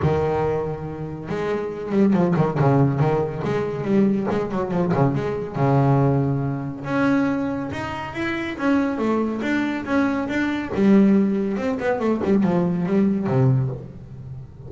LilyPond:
\new Staff \with { instrumentName = "double bass" } { \time 4/4 \tempo 4 = 140 dis2. gis4~ | gis8 g8 f8 dis8 cis4 dis4 | gis4 g4 gis8 fis8 f8 cis8 | gis4 cis2. |
cis'2 dis'4 e'4 | cis'4 a4 d'4 cis'4 | d'4 g2 c'8 b8 | a8 g8 f4 g4 c4 | }